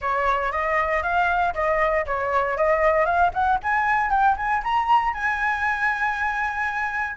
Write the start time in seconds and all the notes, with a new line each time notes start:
0.01 C#5
0.52 D#5
1.02 F5
1.54 D#5
2.05 C#5
2.57 D#5
3.05 F5
3.33 F#5
3.62 G#5
4.10 G5
4.36 G#5
4.63 A#5
5.13 G#5